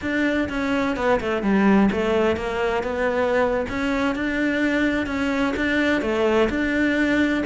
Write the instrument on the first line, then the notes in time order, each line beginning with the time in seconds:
cello
0.01 D4
0.49 C#4
0.96 B3
1.20 A3
1.42 G3
1.91 A3
2.36 A#3
2.83 B3
3.69 C#4
4.15 D4
5.06 C#4
5.56 D4
6.01 A3
6.49 D4